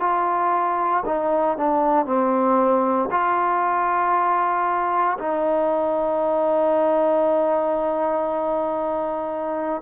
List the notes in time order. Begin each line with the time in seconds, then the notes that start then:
0.00 F4
1.05 D#4
1.57 D4
2.05 C4
3.11 F4
5.18 D#4